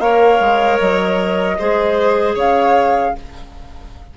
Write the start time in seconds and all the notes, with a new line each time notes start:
0.00 A#3 A#4 C#5 F5
0.40 G#3
0.80 F#3 D#5
1.59 G#3 G#4 C5
2.35 C#3 C#5 F5